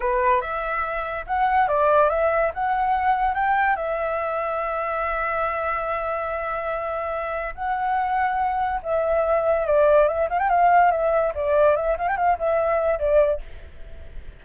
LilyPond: \new Staff \with { instrumentName = "flute" } { \time 4/4 \tempo 4 = 143 b'4 e''2 fis''4 | d''4 e''4 fis''2 | g''4 e''2.~ | e''1~ |
e''2 fis''2~ | fis''4 e''2 d''4 | e''8 f''16 g''16 f''4 e''4 d''4 | e''8 f''16 g''16 f''8 e''4. d''4 | }